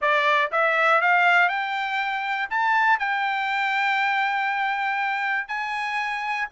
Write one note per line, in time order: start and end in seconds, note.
0.01 0.51 D5
0.51 1.01 E5
1.01 1.48 F5
1.48 2.48 G5
2.50 2.99 A5
2.99 5.48 G5
5.48 6.48 G#5